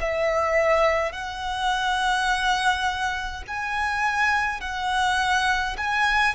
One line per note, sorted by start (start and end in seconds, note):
0.00 1.12 E5
1.12 3.42 F#5
3.47 4.60 G#5
4.60 5.76 F#5
5.77 6.35 G#5